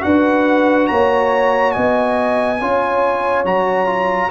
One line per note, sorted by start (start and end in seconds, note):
0.00 0.90 D4
0.00 2.57 F#4
0.00 0.91 B4
0.00 0.87 F#5
0.87 1.76 A#3
0.87 1.74 C#5
0.87 1.71 A#5
1.71 2.61 B3
1.71 2.59 D#5
1.71 3.43 G#5
2.60 3.44 C#4
2.60 3.44 F4
2.60 4.30 C#5
3.44 4.30 F#3
3.44 3.86 F#4
3.44 4.30 A#5
3.86 4.29 F4